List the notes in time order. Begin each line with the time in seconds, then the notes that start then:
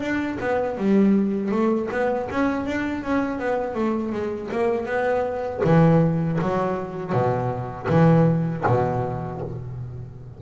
0.00 D4
0.40 B3
0.77 G3
1.51 A3
1.91 B3
2.30 C#4
2.66 D4
3.03 C#4
3.39 B3
3.74 A3
4.12 G#3
4.51 A#3
4.85 B3
5.64 E3
6.41 F#3
7.12 B2
7.89 E3
8.66 B2